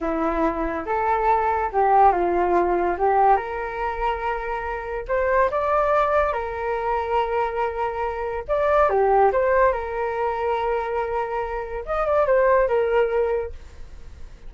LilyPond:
\new Staff \with { instrumentName = "flute" } { \time 4/4 \tempo 4 = 142 e'2 a'2 | g'4 f'2 g'4 | ais'1 | c''4 d''2 ais'4~ |
ais'1 | d''4 g'4 c''4 ais'4~ | ais'1 | dis''8 d''8 c''4 ais'2 | }